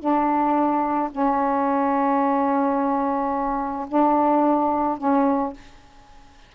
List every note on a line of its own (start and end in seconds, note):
0.00 1.10 D4
1.12 3.87 C#4
3.88 4.98 D4
4.98 5.53 C#4